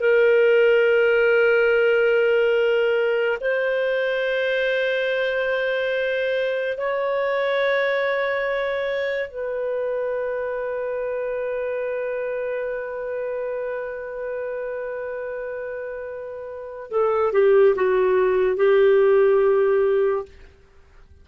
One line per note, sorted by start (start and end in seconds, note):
0.00 3.38 A#4
3.41 6.78 C5
6.78 9.30 C#5
9.30 16.90 B4
16.91 17.33 A4
17.33 17.75 G4
17.75 18.56 F#4
18.56 20.25 G4